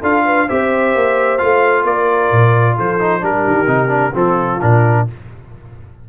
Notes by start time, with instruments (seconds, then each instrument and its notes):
0.00 tuba D4, trombone F4, horn A4, trumpet F5
0.25 horn B4
0.46 tuba C4, trombone G4, horn C5, trumpet E5
0.95 tuba A#3
1.38 tuba A3, trombone F4, trumpet F5
1.83 tuba A#3, horn A#4, trumpet D5
2.31 tuba A#2
2.76 tuba F3, horn A4, trumpet C5
2.99 trombone D#4
3.20 tuba G3, trombone D4, horn G4, trumpet A#4
3.47 tuba D#3
3.66 tuba C3, trombone D#4
3.88 trombone D4
4.13 tuba F3, trombone C4, horn F4, trumpet A4
4.61 tuba A#2, trombone D4, trumpet A#4